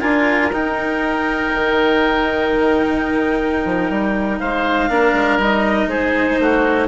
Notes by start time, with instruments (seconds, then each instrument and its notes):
0.00 bassoon D4, cello F4, oboe A#4, clarinet G#5
0.52 bassoon D#4, cello D#4, clarinet G5
1.54 bassoon D#3
3.64 bassoon F3
3.89 bassoon G3
4.39 bassoon G#3, oboe C5, clarinet F5
4.88 bassoon A#3, cello D4, oboe A#4
5.12 bassoon G#3
5.37 bassoon G3, cello D#4, clarinet D#5
5.86 bassoon G#3, oboe G#4, clarinet C5
6.39 bassoon A3, oboe F#4